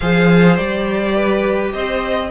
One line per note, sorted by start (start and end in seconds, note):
0.00 0.58 F3
0.00 0.57 G#4
0.00 1.15 C5
0.00 0.56 F5
0.56 1.73 G3
0.56 2.31 G4
0.56 1.71 D5
1.15 1.73 B4
1.73 2.31 C4
1.73 2.31 C5
1.73 2.30 D#5